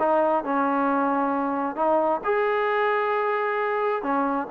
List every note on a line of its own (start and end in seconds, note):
0.00 0.44 D#4
0.44 1.76 C#4
1.76 2.21 D#4
2.25 4.03 G#4
4.03 4.48 C#4